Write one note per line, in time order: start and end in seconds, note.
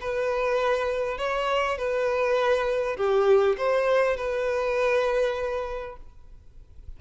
0.00 1.17 B4
1.17 1.77 C#5
1.78 2.96 B4
2.96 3.56 G4
3.57 4.16 C5
4.16 5.96 B4